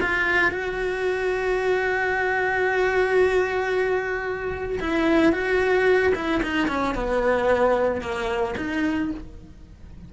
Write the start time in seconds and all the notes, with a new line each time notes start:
0.00 F4
0.51 F#4
4.80 E4
5.32 F#4
6.14 E4
6.42 D#4
6.67 C#4
6.94 B3
8.01 A#3
8.57 D#4